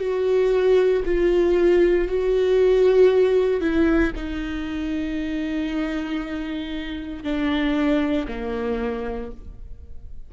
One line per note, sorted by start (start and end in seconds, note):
0.00 1.03 F#4
1.05 2.08 F4
2.08 3.61 F#4
3.61 4.13 E4
4.16 7.24 D#4
7.24 8.27 D4
8.28 9.32 A#3